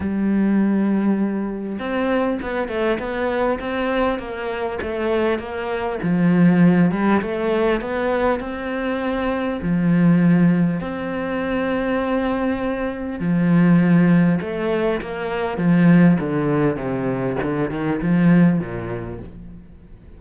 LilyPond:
\new Staff \with { instrumentName = "cello" } { \time 4/4 \tempo 4 = 100 g2. c'4 | b8 a8 b4 c'4 ais4 | a4 ais4 f4. g8 | a4 b4 c'2 |
f2 c'2~ | c'2 f2 | a4 ais4 f4 d4 | c4 d8 dis8 f4 ais,4 | }